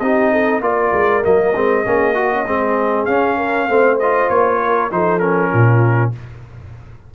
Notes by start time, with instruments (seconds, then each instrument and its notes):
0.00 tuba C4, trombone D#4, horn G4, trumpet D#5
0.32 horn A4
0.61 tuba A#3, trombone F4, horn A#4, trumpet D5
0.92 tuba G#3
1.23 tuba F#3, trombone A#3, trumpet D#5
1.56 tuba G#3, trombone C4
1.85 tuba A#3, trombone C#4, horn G#4
2.15 trombone F#4, horn F#4
2.33 horn C#4
2.47 tuba G#3, trombone C4, horn G#4
3.06 tuba C#4, trombone C#4, trumpet F5
3.38 horn A#4
3.68 tuba A3, trombone C4, horn C5
3.99 trombone F4, trumpet D#5
4.30 tuba A#3, trumpet C#5
4.64 horn A#4
4.91 tuba F3, trombone D#4, horn A4, trumpet C5
5.20 trombone C#4, trumpet A#4
5.51 tuba A#2, horn F4